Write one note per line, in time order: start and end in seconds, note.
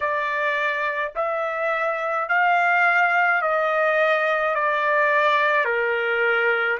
0.00 1.12 D5
1.15 2.28 E5
2.28 3.41 F5
3.41 4.54 D#5
4.54 5.64 D5
5.64 6.78 A#4